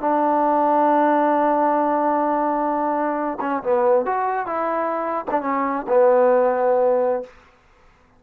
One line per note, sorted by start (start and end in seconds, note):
0.00 3.38 D4
3.40 3.63 C#4
3.63 4.05 B3
4.05 4.46 F#4
4.46 5.25 E4
5.31 5.41 D4
5.41 5.86 C#4
5.88 7.23 B3